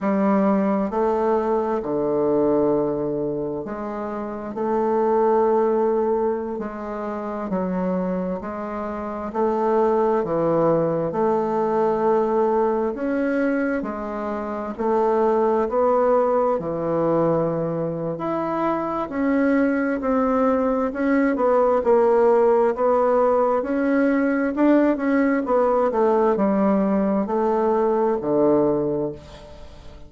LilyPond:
\new Staff \with { instrumentName = "bassoon" } { \time 4/4 \tempo 4 = 66 g4 a4 d2 | gis4 a2~ a16 gis8.~ | gis16 fis4 gis4 a4 e8.~ | e16 a2 cis'4 gis8.~ |
gis16 a4 b4 e4.~ e16 | e'4 cis'4 c'4 cis'8 b8 | ais4 b4 cis'4 d'8 cis'8 | b8 a8 g4 a4 d4 | }